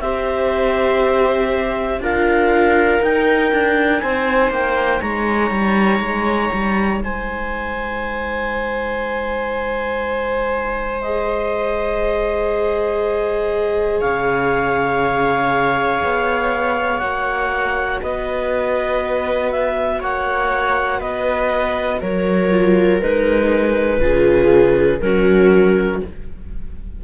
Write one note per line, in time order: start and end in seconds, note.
0.00 1.99 C4
0.00 2.01 G4
0.00 2.02 C5
0.00 2.00 E5
1.99 2.99 D4
1.99 3.00 F4
1.99 4.02 A#4
1.99 3.02 F5
3.00 11.00 D#4
3.00 3.51 D#4
3.00 4.00 G5
3.51 4.01 D4
4.00 4.50 C4
4.00 5.01 C5
4.00 4.50 G#5
4.50 5.00 A#3
4.50 5.00 G5
5.00 5.50 G#3
5.00 7.01 C#5
5.00 7.00 A#5
5.50 5.99 G3
5.99 6.49 G#3
6.53 7.00 G3
7.00 14.00 G#3
7.00 14.00 C5
7.00 11.01 G#5
11.01 17.00 G#4
11.01 14.00 D#5
14.00 16.03 C#3
14.00 18.00 C#5
14.00 16.98 F5
16.03 17.01 B3
16.98 18.01 A#3
16.98 22.50 F#4
16.98 17.98 F#5
18.01 20.01 B3
18.01 20.00 B4
18.01 19.51 D#5
19.51 20.01 E5
20.00 21.01 A#3
20.00 20.99 C#5
20.00 21.00 F#5
20.99 22.01 B3
20.99 21.99 B4
20.99 22.00 D#5
22.00 23.01 F#3
22.00 24.00 A#4
22.00 23.00 C#5
22.51 23.01 F4
23.00 23.99 G#3
23.00 24.00 D#4
23.00 25.00 B4
23.99 24.99 C#3
23.99 25.00 F4
23.99 25.01 G#4
25.00 26.01 F#3
25.00 26.02 C#4
25.00 26.04 F#4
25.00 26.00 A#4